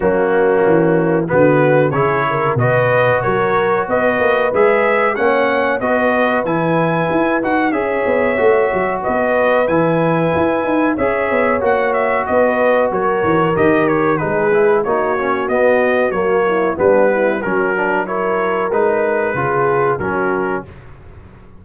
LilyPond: <<
  \new Staff \with { instrumentName = "trumpet" } { \time 4/4 \tempo 4 = 93 fis'2 b'4 cis''4 | dis''4 cis''4 dis''4 e''4 | fis''4 dis''4 gis''4. fis''8 | e''2 dis''4 gis''4~ |
gis''4 e''4 fis''8 e''8 dis''4 | cis''4 dis''8 cis''8 b'4 cis''4 | dis''4 cis''4 b'4 ais'4 | cis''4 b'2 ais'4 | }
  \new Staff \with { instrumentName = "horn" } { \time 4/4 cis'2 fis'4 gis'8 ais'8 | b'4 ais'4 b'2 | cis''4 b'2. | cis''2 b'2~ |
b'4 cis''2 b'4 | ais'2 gis'4 fis'4~ | fis'4. e'8 d'8 e'8 fis'4 | ais'2 gis'4 fis'4 | }
  \new Staff \with { instrumentName = "trombone" } { \time 4/4 ais2 b4 e'4 | fis'2. gis'4 | cis'4 fis'4 e'4. fis'8 | gis'4 fis'2 e'4~ |
e'4 gis'4 fis'2~ | fis'4 g'4 dis'8 e'8 dis'8 cis'8 | b4 ais4 b4 cis'8 d'8 | e'4 dis'4 f'4 cis'4 | }
  \new Staff \with { instrumentName = "tuba" } { \time 4/4 fis4 e4 d4 cis4 | b,4 fis4 b8 ais8 gis4 | ais4 b4 e4 e'8 dis'8 | cis'8 b8 a8 fis8 b4 e4 |
e'8 dis'8 cis'8 b8 ais4 b4 | fis8 e8 dis4 gis4 ais4 | b4 fis4 g4 fis4~ | fis4 gis4 cis4 fis4 | }
>>